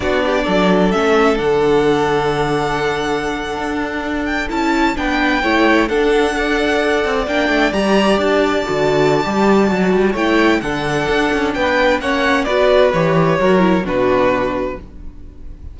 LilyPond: <<
  \new Staff \with { instrumentName = "violin" } { \time 4/4 \tempo 4 = 130 d''2 e''4 fis''4~ | fis''1~ | fis''4~ fis''16 g''8 a''4 g''4~ g''16~ | g''8. fis''2. g''16~ |
g''8. ais''4 a''2~ a''16~ | a''2 g''4 fis''4~ | fis''4 g''4 fis''4 d''4 | cis''2 b'2 | }
  \new Staff \with { instrumentName = "violin" } { \time 4/4 fis'8 g'8 a'2.~ | a'1~ | a'2~ a'8. b'4 cis''16~ | cis''8. a'4 d''2~ d''16~ |
d''1~ | d''2 cis''4 a'4~ | a'4 b'4 cis''4 b'4~ | b'4 ais'4 fis'2 | }
  \new Staff \with { instrumentName = "viola" } { \time 4/4 d'2 cis'4 d'4~ | d'1~ | d'4.~ d'16 e'4 d'4 e'16~ | e'8. d'4 a'2 d'16~ |
d'8. g'2 fis'4~ fis'16 | g'4 fis'4 e'4 d'4~ | d'2 cis'4 fis'4 | g'4 fis'8 e'8 d'2 | }
  \new Staff \with { instrumentName = "cello" } { \time 4/4 b4 fis4 a4 d4~ | d2.~ d8. d'16~ | d'4.~ d'16 cis'4 b4 a16~ | a8. d'2~ d'8 c'8 ais16~ |
ais16 a8 g4 d'4 d4~ d16 | g4 fis8 g8 a4 d4 | d'8 cis'8 b4 ais4 b4 | e4 fis4 b,2 | }
>>